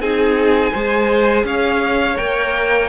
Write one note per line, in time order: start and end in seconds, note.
0.00 0.72 C4
0.00 0.74 D#4
0.00 0.73 G#4
0.00 1.46 G#5
0.73 1.44 G#3
0.73 2.16 G#4
0.73 1.45 C5
1.44 2.17 C#4
1.44 2.89 C#5
1.44 2.17 F5
2.16 2.89 A#3
2.16 2.89 A#4
2.16 2.89 G5